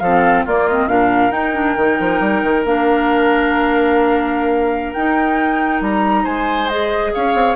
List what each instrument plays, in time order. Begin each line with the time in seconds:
0.00 bassoon F3, clarinet C4, oboe A4, flute F5
0.45 bassoon A#3, clarinet A#3, oboe F4, flute D5
0.68 clarinet C4, flute D#5
0.87 bassoon A#2, clarinet D4, oboe A#4, flute F5
1.31 bassoon D#4, clarinet D#4, flute G5
1.54 clarinet D4
1.77 bassoon D#3, clarinet D#4
2.00 bassoon F3
2.20 bassoon G3
2.43 bassoon D#3
2.65 bassoon A#3, clarinet D4, flute F5
4.93 bassoon D#4, clarinet D#4, flute G5
5.81 bassoon G3, flute A#5
6.23 bassoon G#3, oboe C5, flute G#5
6.69 clarinet G#4, flute D#5
7.13 bassoon C#4, oboe C#5, flute F5
7.34 bassoon C4